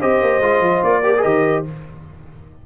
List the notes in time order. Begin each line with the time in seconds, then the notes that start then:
0.00 C4 G4 C5 D#5
0.22 A#3
0.40 G#3 F4
0.60 F3
0.84 A#3 D5
1.03 G4 A#4
1.16 G#4 D#5
1.24 D#3 G4